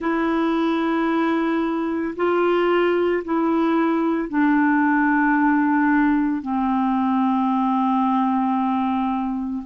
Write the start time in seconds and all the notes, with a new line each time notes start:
0.00 E4
2.16 F4
3.24 E4
4.29 D4
6.41 C4